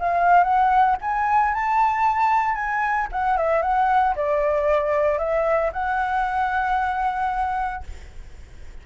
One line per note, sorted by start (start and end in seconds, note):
0.00 0.44 F5
0.44 0.97 F#5
1.02 1.54 G#5
1.54 2.55 A5
2.55 3.08 G#5
3.12 3.38 F#5
3.38 3.62 E5
3.62 4.15 F#5
4.16 5.19 D5
5.19 5.72 E5
5.73 7.84 F#5